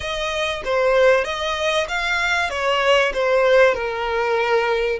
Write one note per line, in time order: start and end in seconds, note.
0.00 0.62 D#5
0.64 1.24 C5
1.24 1.87 D#5
1.88 2.49 F5
2.49 3.12 C#5
3.13 3.74 C5
3.74 4.99 A#4